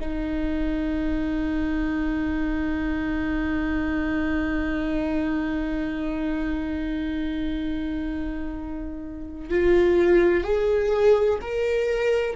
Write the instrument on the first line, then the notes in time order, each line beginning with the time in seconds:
viola
0.00 D#4
9.49 F4
10.44 G#4
11.41 A#4